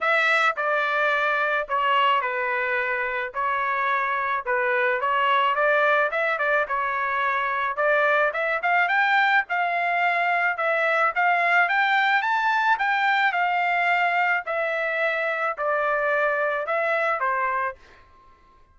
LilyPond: \new Staff \with { instrumentName = "trumpet" } { \time 4/4 \tempo 4 = 108 e''4 d''2 cis''4 | b'2 cis''2 | b'4 cis''4 d''4 e''8 d''8 | cis''2 d''4 e''8 f''8 |
g''4 f''2 e''4 | f''4 g''4 a''4 g''4 | f''2 e''2 | d''2 e''4 c''4 | }